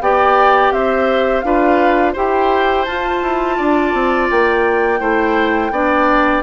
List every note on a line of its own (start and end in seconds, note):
0.00 0.71 B3
0.00 1.44 G4
0.00 0.73 D5
0.00 0.72 G5
0.71 1.43 C4
0.71 1.45 C5
0.71 1.40 E5
1.40 2.15 D4
1.40 2.15 F4
1.40 2.12 B4
1.40 2.12 F5
2.12 2.86 E4
2.12 2.86 G4
2.12 3.55 C5
2.12 2.85 G5
2.85 3.22 F4
2.85 4.99 F4
2.85 4.27 A5
3.22 3.58 E4
3.57 3.93 D4
3.57 5.00 D5
3.93 4.29 C4
4.30 5.00 A#3
4.30 6.43 G5
4.99 5.71 A3
4.99 5.71 E4
4.99 5.71 C5
5.71 6.42 B3
5.71 6.43 D4
5.71 6.43 D5